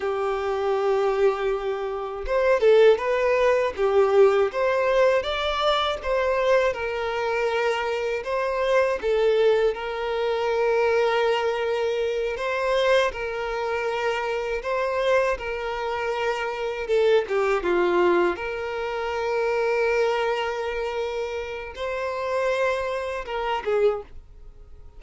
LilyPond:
\new Staff \with { instrumentName = "violin" } { \time 4/4 \tempo 4 = 80 g'2. c''8 a'8 | b'4 g'4 c''4 d''4 | c''4 ais'2 c''4 | a'4 ais'2.~ |
ais'8 c''4 ais'2 c''8~ | c''8 ais'2 a'8 g'8 f'8~ | f'8 ais'2.~ ais'8~ | ais'4 c''2 ais'8 gis'8 | }